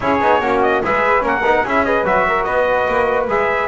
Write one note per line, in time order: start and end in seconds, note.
0.00 0.20 C#4
0.00 0.19 E4
0.00 0.40 G#4
0.00 0.62 C#5
0.20 0.40 B3
0.20 0.42 D#4
0.40 0.82 A#3
0.40 0.83 C#4
0.40 0.81 F#4
0.62 0.82 D#5
0.84 1.22 G#3
0.84 1.20 G#4
0.84 1.23 B4
0.84 1.26 E5
1.20 1.42 A#3
1.20 1.40 C#4
1.20 1.64 A#4
1.26 1.67 F#5
1.42 1.63 B3
1.42 1.65 D#4
1.64 2.04 C#4
1.64 1.85 E4
1.64 1.84 G#4
1.64 1.85 E5
1.85 2.04 G#4
1.85 2.26 B4
1.85 2.05 D#5
2.04 2.45 F#3
2.04 3.28 F#4
2.04 2.44 E5
2.28 2.46 A#4
2.44 2.86 B3
2.44 3.68 B4
2.44 3.26 D#5
2.88 3.27 A#3
3.27 3.68 G#3
3.27 3.68 G#4
3.27 3.68 E5